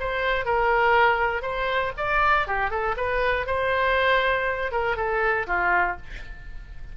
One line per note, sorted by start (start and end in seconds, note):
0.00 0.45 C5
0.45 1.42 A#4
1.42 1.92 C5
1.97 2.47 D5
2.47 2.70 G4
2.70 2.95 A4
2.97 3.46 B4
3.46 4.71 C5
4.71 4.96 A#4
4.96 5.46 A4
5.47 5.97 F4